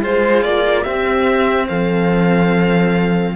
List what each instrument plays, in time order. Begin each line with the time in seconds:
0.00 cello G#3 F4, horn G#4, violin C5
0.43 cello A#3, violin D5
0.82 cello C4, horn G4, violin E5
1.68 cello F3, horn A4, violin F5